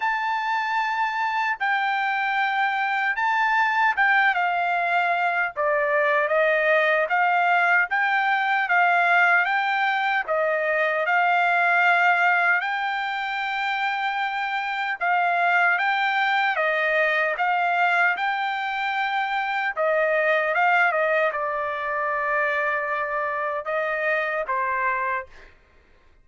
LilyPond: \new Staff \with { instrumentName = "trumpet" } { \time 4/4 \tempo 4 = 76 a''2 g''2 | a''4 g''8 f''4. d''4 | dis''4 f''4 g''4 f''4 | g''4 dis''4 f''2 |
g''2. f''4 | g''4 dis''4 f''4 g''4~ | g''4 dis''4 f''8 dis''8 d''4~ | d''2 dis''4 c''4 | }